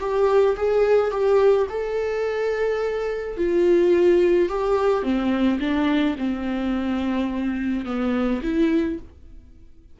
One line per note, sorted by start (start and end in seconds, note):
0.00 0.56 G4
0.57 1.11 G#4
1.11 1.67 G4
1.69 3.37 A4
3.37 4.49 F4
4.49 5.03 G4
5.03 5.59 C4
5.60 6.16 D4
6.18 7.86 C4
7.86 8.42 B3
8.43 8.99 E4